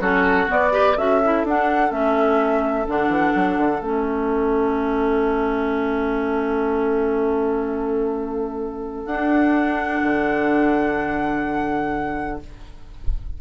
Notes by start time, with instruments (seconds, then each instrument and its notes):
0.00 bassoon F#3, clarinet C#4, oboe F#4, flute A4
0.47 clarinet B3, bassoon B3, flute D5
0.71 clarinet G4, oboe B4
0.97 bassoon C#4, clarinet F#4, oboe A4, flute E5
1.24 clarinet E4
1.44 bassoon D4, clarinet D4, flute F#5
1.90 bassoon A3, clarinet C#4, flute E5
2.87 bassoon D3, clarinet D4, flute F#5
3.09 bassoon E3
3.36 bassoon F#3
3.57 bassoon D3
3.81 bassoon A3, clarinet C#4, flute E5
9.06 bassoon D4, clarinet D4, flute F#5
10.03 bassoon D3